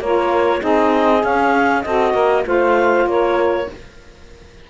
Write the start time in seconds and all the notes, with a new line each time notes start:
0.00 A#3 F4 A#4 C#5
0.60 C4 D#4 G#4 D#5
1.19 C#4 F5
1.82 C4 F#4 A4 D#5
2.12 A#3 A#4
2.44 A3 F4 C5 F5
3.05 A#3 A#4 C#5